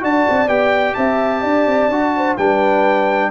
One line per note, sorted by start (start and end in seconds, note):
0.00 0.27 D4
0.00 0.47 F#4
0.00 0.96 D5
0.00 0.48 A5
0.29 0.48 C4
0.48 0.95 B3
0.48 1.90 G4
0.48 0.94 G5
0.94 1.44 C4
0.94 1.41 E5
0.94 2.36 A5
1.41 1.66 D4
1.41 2.12 D5
1.66 1.89 C4
1.89 2.36 D4
1.89 2.38 F#4
2.16 2.37 C5
2.37 3.31 G3
2.37 3.31 D4
2.37 3.31 B4
2.37 3.31 G5